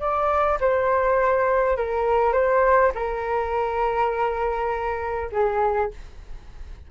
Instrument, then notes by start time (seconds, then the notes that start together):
flute
0.00 D5
0.60 C5
1.77 A#4
2.33 C5
2.95 A#4
5.32 G#4